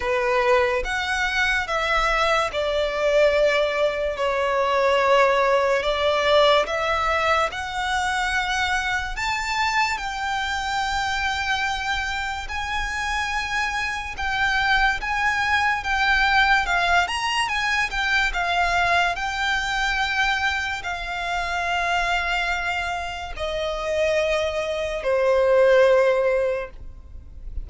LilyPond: \new Staff \with { instrumentName = "violin" } { \time 4/4 \tempo 4 = 72 b'4 fis''4 e''4 d''4~ | d''4 cis''2 d''4 | e''4 fis''2 a''4 | g''2. gis''4~ |
gis''4 g''4 gis''4 g''4 | f''8 ais''8 gis''8 g''8 f''4 g''4~ | g''4 f''2. | dis''2 c''2 | }